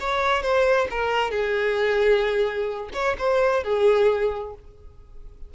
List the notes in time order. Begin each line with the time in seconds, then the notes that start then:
0.00 C#5
0.42 C5
0.90 A#4
1.31 G#4
2.93 C#5
3.18 C5
3.63 G#4